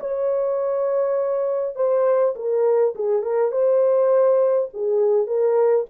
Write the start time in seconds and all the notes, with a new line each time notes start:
0.00 C#5
1.76 C5
2.36 A#4
2.95 G#4
3.22 A#4
3.52 C5
4.74 G#4
5.27 A#4